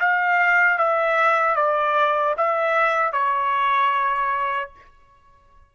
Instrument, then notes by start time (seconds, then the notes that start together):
trumpet
0.00 F5
0.78 E5
1.56 D5
2.37 E5
3.12 C#5